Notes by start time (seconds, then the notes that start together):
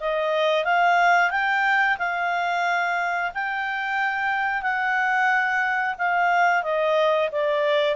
0.00 D#5
0.64 F5
1.31 G5
1.98 F5
3.34 G5
4.62 F#5
5.98 F5
6.63 D#5
7.32 D5